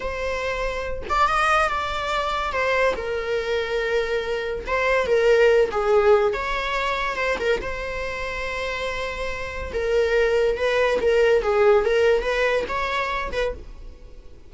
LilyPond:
\new Staff \with { instrumentName = "viola" } { \time 4/4 \tempo 4 = 142 c''2~ c''8 d''8 dis''4 | d''2 c''4 ais'4~ | ais'2. c''4 | ais'4. gis'4. cis''4~ |
cis''4 c''8 ais'8 c''2~ | c''2. ais'4~ | ais'4 b'4 ais'4 gis'4 | ais'4 b'4 cis''4. b'8 | }